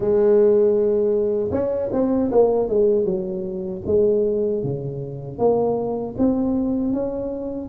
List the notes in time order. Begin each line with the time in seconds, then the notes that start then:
0.00 G#3
1.51 C#4
1.92 C4
2.31 A#3
2.69 G#3
3.05 F#3
3.86 G#3
4.63 C#3
5.38 A#3
6.18 C4
6.93 C#4